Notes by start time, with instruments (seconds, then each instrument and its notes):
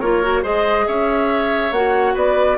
0.00 bassoon A#3, clarinet F4, oboe A#4, flute C#5
0.22 clarinet F#4
0.42 bassoon G#3, clarinet G#4, oboe C5, flute D#5
0.87 bassoon C#4, oboe C#5, flute E5
1.71 bassoon A#3, clarinet F#4, flute F#5
2.14 bassoon B3, oboe B4, flute D5